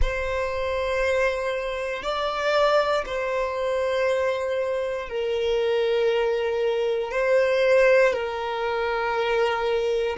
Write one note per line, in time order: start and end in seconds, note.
0.01 2.02 C5
2.02 3.04 D5
3.06 5.08 C5
5.08 7.11 A#4
7.11 8.13 C5
8.13 10.16 A#4